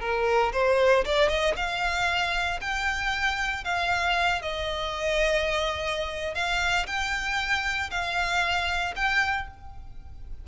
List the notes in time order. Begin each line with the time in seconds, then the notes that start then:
0.00 A#4
0.52 C5
1.05 D5
1.28 D#5
1.56 F5
2.61 G5
3.64 F5
4.41 D#5
6.34 F5
6.86 G5
7.90 F5
8.96 G5